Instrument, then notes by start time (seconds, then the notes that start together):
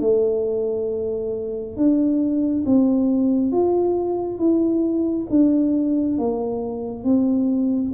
tuba
0.00 A3
1.76 D4
2.66 C4
3.52 F4
4.38 E4
5.30 D4
6.18 A#3
7.04 C4